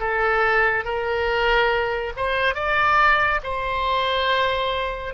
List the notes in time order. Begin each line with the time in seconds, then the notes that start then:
0.00 A4
0.85 A#4
2.17 C5
2.55 D5
3.44 C5